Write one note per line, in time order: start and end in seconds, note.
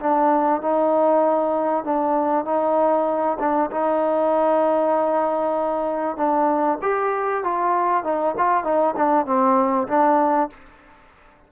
0.00 0.61 D4
0.61 1.84 D#4
1.84 2.45 D4
2.45 3.38 D#4
3.40 3.71 D4
3.71 6.17 D#4
6.17 6.79 D4
6.82 7.44 G4
7.44 8.04 F4
8.04 8.35 D#4
8.38 8.64 F4
8.64 8.95 D#4
8.96 9.26 D4
9.26 9.88 C4
9.88 10.50 D4